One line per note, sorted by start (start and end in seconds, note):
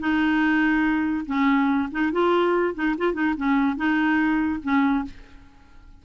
0.00 1.26 D#4
1.27 1.90 C#4
1.92 2.13 D#4
2.13 2.75 F4
2.75 2.96 D#4
2.98 3.14 F4
3.14 3.35 D#4
3.38 3.77 C#4
3.77 4.61 D#4
4.63 5.05 C#4